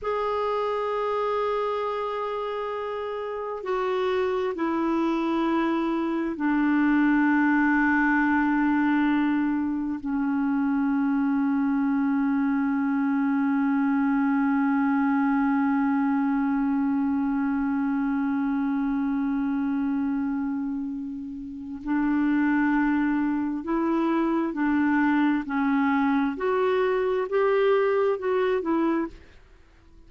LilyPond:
\new Staff \with { instrumentName = "clarinet" } { \time 4/4 \tempo 4 = 66 gis'1 | fis'4 e'2 d'4~ | d'2. cis'4~ | cis'1~ |
cis'1~ | cis'1 | d'2 e'4 d'4 | cis'4 fis'4 g'4 fis'8 e'8 | }